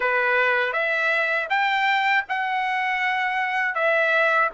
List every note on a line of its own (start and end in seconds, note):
0.00 0.73 B4
0.73 1.48 E5
1.49 2.24 G5
2.28 3.74 F#5
3.74 4.49 E5